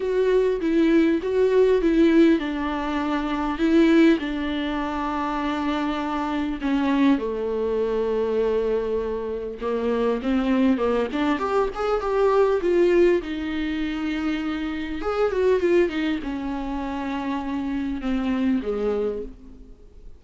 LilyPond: \new Staff \with { instrumentName = "viola" } { \time 4/4 \tempo 4 = 100 fis'4 e'4 fis'4 e'4 | d'2 e'4 d'4~ | d'2. cis'4 | a1 |
ais4 c'4 ais8 d'8 g'8 gis'8 | g'4 f'4 dis'2~ | dis'4 gis'8 fis'8 f'8 dis'8 cis'4~ | cis'2 c'4 gis4 | }